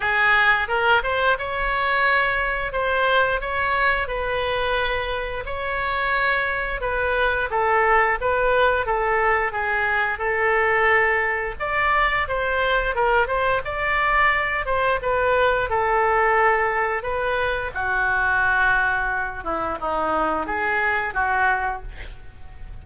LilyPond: \new Staff \with { instrumentName = "oboe" } { \time 4/4 \tempo 4 = 88 gis'4 ais'8 c''8 cis''2 | c''4 cis''4 b'2 | cis''2 b'4 a'4 | b'4 a'4 gis'4 a'4~ |
a'4 d''4 c''4 ais'8 c''8 | d''4. c''8 b'4 a'4~ | a'4 b'4 fis'2~ | fis'8 e'8 dis'4 gis'4 fis'4 | }